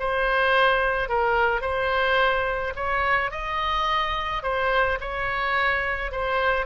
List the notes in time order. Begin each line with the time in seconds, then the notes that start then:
0.00 C5
1.09 A#4
1.62 C5
2.76 C#5
3.32 D#5
4.43 C5
5.01 C#5
6.12 C5